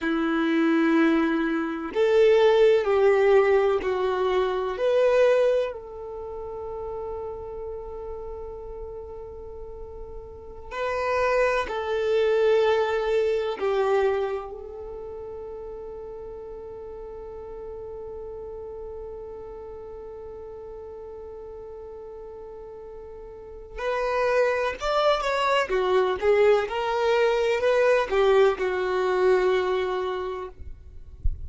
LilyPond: \new Staff \with { instrumentName = "violin" } { \time 4/4 \tempo 4 = 63 e'2 a'4 g'4 | fis'4 b'4 a'2~ | a'2.~ a'16 b'8.~ | b'16 a'2 g'4 a'8.~ |
a'1~ | a'1~ | a'4 b'4 d''8 cis''8 fis'8 gis'8 | ais'4 b'8 g'8 fis'2 | }